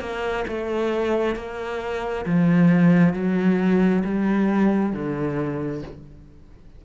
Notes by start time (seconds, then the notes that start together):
0.00 A#3
0.48 A3
1.36 A#3
2.26 F3
3.13 F#3
4.05 G3
4.93 D3